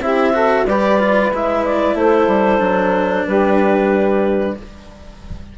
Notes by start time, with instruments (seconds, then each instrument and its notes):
0.00 bassoon C4, cello E4, saxophone G4, clarinet E5
0.33 cello F#4, saxophone A4
0.66 bassoon G3, cello G4, saxophone B4, clarinet D5
0.99 cello F4
1.32 bassoon G#3, cello E4, clarinet E5
1.65 clarinet D5
1.95 bassoon A3, saxophone A4, clarinet C5
2.27 bassoon G3
2.58 bassoon F#3, cello D4
3.27 bassoon G3, saxophone G4, clarinet B4